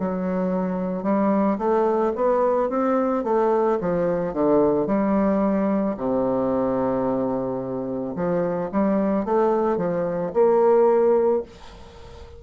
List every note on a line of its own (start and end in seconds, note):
0.00 1.03 F#3
1.03 1.58 G3
1.58 2.13 A3
2.15 2.70 B3
2.70 3.24 C4
3.24 3.79 A3
3.81 4.33 F3
4.33 4.87 D3
4.87 5.96 G3
5.97 8.15 C3
8.15 8.70 F3
8.72 9.25 G3
9.25 9.77 A3
9.77 10.32 F3
10.33 11.42 A#3